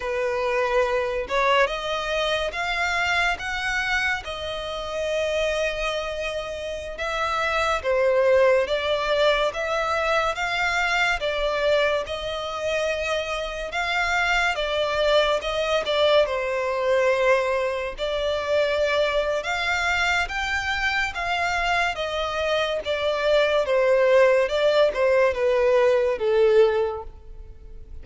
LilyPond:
\new Staff \with { instrumentName = "violin" } { \time 4/4 \tempo 4 = 71 b'4. cis''8 dis''4 f''4 | fis''4 dis''2.~ | dis''16 e''4 c''4 d''4 e''8.~ | e''16 f''4 d''4 dis''4.~ dis''16~ |
dis''16 f''4 d''4 dis''8 d''8 c''8.~ | c''4~ c''16 d''4.~ d''16 f''4 | g''4 f''4 dis''4 d''4 | c''4 d''8 c''8 b'4 a'4 | }